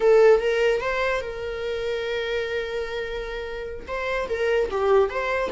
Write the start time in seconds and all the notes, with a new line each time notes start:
0.00 A4
0.40 A#4
0.81 C5
1.21 A#4
3.87 C5
4.29 A#4
4.71 G4
5.09 C5